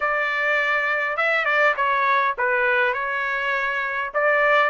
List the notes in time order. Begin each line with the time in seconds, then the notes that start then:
0.00 D5
1.16 E5
1.45 D5
1.76 C#5
2.37 B4
2.93 C#5
4.13 D5